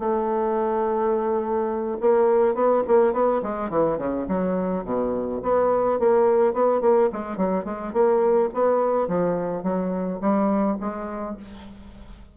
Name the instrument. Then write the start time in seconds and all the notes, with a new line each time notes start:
bassoon
0.00 A3
2.01 A#3
2.55 B3
2.88 A#3
3.13 B3
3.43 G#3
3.70 E3
3.98 C#3
4.29 F#3
4.85 B2
5.43 B3
6.00 A#3
6.54 B3
6.82 A#3
7.13 G#3
7.38 F#3
7.65 G#3
7.93 A#3
8.54 B3
9.08 F3
9.63 F#3
10.21 G3
10.81 G#3